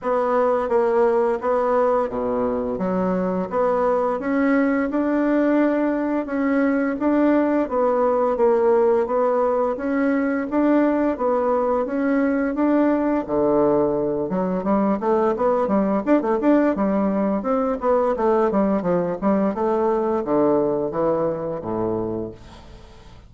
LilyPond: \new Staff \with { instrumentName = "bassoon" } { \time 4/4 \tempo 4 = 86 b4 ais4 b4 b,4 | fis4 b4 cis'4 d'4~ | d'4 cis'4 d'4 b4 | ais4 b4 cis'4 d'4 |
b4 cis'4 d'4 d4~ | d8 fis8 g8 a8 b8 g8 d'16 a16 d'8 | g4 c'8 b8 a8 g8 f8 g8 | a4 d4 e4 a,4 | }